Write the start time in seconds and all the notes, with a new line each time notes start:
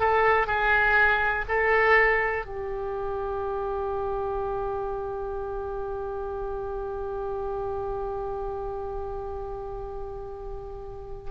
0.00 A4
0.47 G#4
1.49 A4
2.46 G4